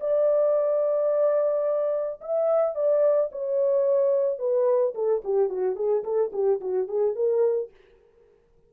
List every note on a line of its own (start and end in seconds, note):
0.00 2.20 D5
2.21 2.75 E5
2.75 3.30 D5
3.32 4.38 C#5
4.38 4.93 B4
4.94 5.22 A4
5.24 5.49 G4
5.49 5.76 F#4
5.76 6.03 G#4
6.04 6.31 A4
6.32 6.60 G4
6.61 6.88 F#4
6.88 7.15 G#4
7.15 7.70 A#4